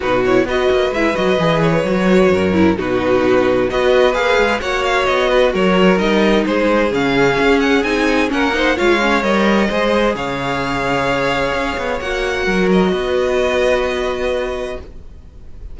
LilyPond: <<
  \new Staff \with { instrumentName = "violin" } { \time 4/4 \tempo 4 = 130 b'8 cis''8 dis''4 e''8 dis''4 cis''8~ | cis''2 b'2 | dis''4 f''4 fis''8 f''8 dis''4 | cis''4 dis''4 c''4 f''4~ |
f''8 fis''8 gis''4 fis''4 f''4 | dis''2 f''2~ | f''2 fis''4. dis''8~ | dis''1 | }
  \new Staff \with { instrumentName = "violin" } { \time 4/4 fis'4 b'2.~ | b'4 ais'4 fis'2 | b'2 cis''4. b'8 | ais'2 gis'2~ |
gis'2 ais'8 c''8 cis''4~ | cis''4 c''4 cis''2~ | cis''2. ais'4 | b'1 | }
  \new Staff \with { instrumentName = "viola" } { \time 4/4 dis'8 e'8 fis'4 e'8 fis'8 gis'4 | fis'4. e'8 dis'2 | fis'4 gis'4 fis'2~ | fis'4 dis'2 cis'4~ |
cis'4 dis'4 cis'8 dis'8 f'8 cis'8 | ais'4 gis'2.~ | gis'2 fis'2~ | fis'1 | }
  \new Staff \with { instrumentName = "cello" } { \time 4/4 b,4 b8 ais8 gis8 fis8 e4 | fis4 fis,4 b,2 | b4 ais8 gis8 ais4 b4 | fis4 g4 gis4 cis4 |
cis'4 c'4 ais4 gis4 | g4 gis4 cis2~ | cis4 cis'8 b8 ais4 fis4 | b1 | }
>>